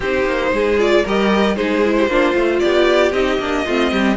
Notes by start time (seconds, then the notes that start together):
0.00 C4 D#4 G4 C5
0.25 A#3
0.52 G#3 G#4
0.78 F4 D5
1.04 G3 G4 A#4 D#5
1.55 G#3 D#4 G#4 C5
1.84 E4
1.98 G4
2.07 A#3 D4 F4
2.33 A3 F4
2.59 B3 G4 D5
3.12 C4 D#4 D#5
3.39 A#3 D4
3.65 A3 C4 F4
3.91 G3 G4